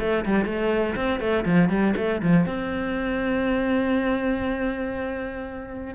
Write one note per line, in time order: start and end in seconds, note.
0.00 0.25 A3
0.25 0.46 G3
0.46 0.96 A3
0.96 1.20 C4
1.20 1.45 A3
1.46 1.69 F3
1.69 1.94 G3
1.97 2.22 A3
2.23 2.47 F3
2.47 5.95 C4